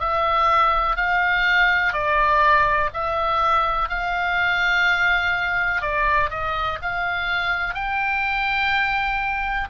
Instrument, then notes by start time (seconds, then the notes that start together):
oboe
0.00 E5
0.96 F5
1.93 D5
2.94 E5
3.89 F5
5.82 D5
6.30 D#5
6.82 F5
7.74 G5